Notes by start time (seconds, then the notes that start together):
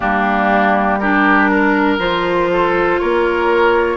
0.00 G3 A#3 D4 G4
0.99 D4 G4 A#4
1.51 A#4
1.98 F3 F4 C5
2.51 A4
2.99 A#3 A#4 C#5